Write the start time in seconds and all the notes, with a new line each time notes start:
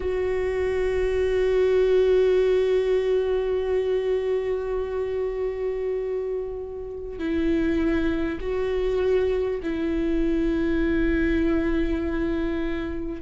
0.00 F#4
7.18 E4
8.40 F#4
9.63 E4